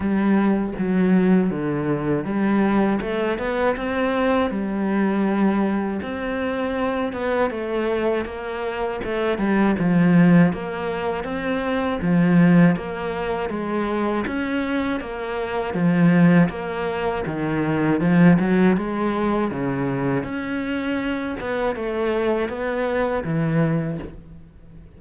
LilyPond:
\new Staff \with { instrumentName = "cello" } { \time 4/4 \tempo 4 = 80 g4 fis4 d4 g4 | a8 b8 c'4 g2 | c'4. b8 a4 ais4 | a8 g8 f4 ais4 c'4 |
f4 ais4 gis4 cis'4 | ais4 f4 ais4 dis4 | f8 fis8 gis4 cis4 cis'4~ | cis'8 b8 a4 b4 e4 | }